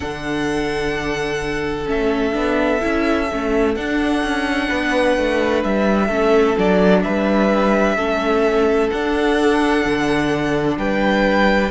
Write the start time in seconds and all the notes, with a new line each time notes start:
0.00 D3 D4 A4 F#5
1.85 A3 C#4 E5
2.32 B3 D4
2.80 C#4 E4
3.31 A3 C#4
3.75 D4 F#5
4.22 C#4
4.69 B3 B4
5.17 A3
5.63 G3 E5
6.07 A3 C#4 A4
6.56 F#3 D4 D5
7.03 G3 B4 E5
7.96 A3 C#4 A4
8.90 D4 F#5
9.85 D3
10.77 G3 B4 G5